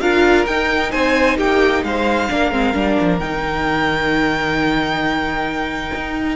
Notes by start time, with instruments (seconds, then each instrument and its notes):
0.00 cello D4, viola F4, violin A#4 F5
0.46 cello D#4, viola D#4, violin G5
0.91 cello C4, violin C5 G#5
1.37 cello A#3, violin G4 G5
1.84 cello G#3, violin C5 F5
2.30 cello A#3, viola D4, violin A#4
2.51 cello G#3, viola C4
2.74 cello G3, viola D4
3.01 cello F3
3.19 cello D#3, viola D#4, violin G5
5.95 cello D#4